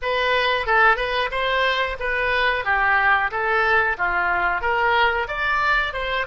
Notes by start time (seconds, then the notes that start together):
0.01 B4
0.66 A4
0.96 B4
1.31 C5
1.99 B4
2.64 G4
3.31 A4
3.97 F4
4.61 A#4
5.27 D5
5.93 C5